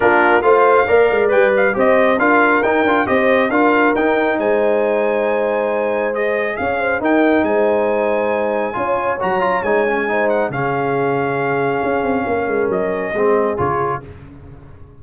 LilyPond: <<
  \new Staff \with { instrumentName = "trumpet" } { \time 4/4 \tempo 4 = 137 ais'4 f''2 g''8 f''8 | dis''4 f''4 g''4 dis''4 | f''4 g''4 gis''2~ | gis''2 dis''4 f''4 |
g''4 gis''2.~ | gis''4 ais''4 gis''4. fis''8 | f''1~ | f''4 dis''2 cis''4 | }
  \new Staff \with { instrumentName = "horn" } { \time 4/4 f'4 c''4 d''2 | c''4 ais'2 c''4 | ais'2 c''2~ | c''2. cis''8 c''8 |
ais'4 c''2. | cis''2. c''4 | gis'1 | ais'2 gis'2 | }
  \new Staff \with { instrumentName = "trombone" } { \time 4/4 d'4 f'4 ais'4 b'4 | g'4 f'4 dis'8 f'8 g'4 | f'4 dis'2.~ | dis'2 gis'2 |
dis'1 | f'4 fis'8 f'8 dis'8 cis'8 dis'4 | cis'1~ | cis'2 c'4 f'4 | }
  \new Staff \with { instrumentName = "tuba" } { \time 4/4 ais4 a4 ais8 gis8 g4 | c'4 d'4 dis'8 d'8 c'4 | d'4 dis'4 gis2~ | gis2. cis'4 |
dis'4 gis2. | cis'4 fis4 gis2 | cis2. cis'8 c'8 | ais8 gis8 fis4 gis4 cis4 | }
>>